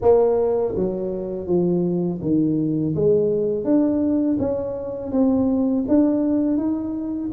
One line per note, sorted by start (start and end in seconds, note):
0.01 0.75 A#3
0.75 1.46 F#3
1.46 2.20 F3
2.22 2.95 D#3
2.95 3.64 G#3
3.64 4.37 D4
4.39 5.11 C#4
5.11 5.84 C4
5.88 6.57 D4
6.57 7.30 D#4